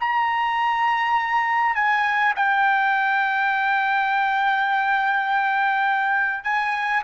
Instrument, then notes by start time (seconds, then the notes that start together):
trumpet
0.00 A#5
1.75 G#5
2.35 G5
6.43 G#5